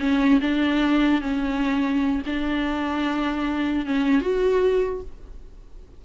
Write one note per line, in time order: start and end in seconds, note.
0.00 0.40 C#4
0.41 1.21 D4
1.21 2.22 C#4
2.26 3.86 D4
3.86 4.21 C#4
4.21 5.02 F#4